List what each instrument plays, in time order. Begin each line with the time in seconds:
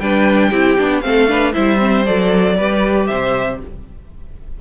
0.00 cello G3, viola D4, violin B4 G5
0.50 cello C4, viola E4, violin G4
0.78 cello B3, viola D4
1.01 cello A3, viola C4, violin A4 F5
1.28 viola D4, violin B4
1.53 cello G3, viola E4, violin C5 E5
1.79 viola C4
2.06 cello F#3, viola A4, violin D5
2.57 cello G3, viola G4, violin B4
3.07 cello C3, violin C5 E5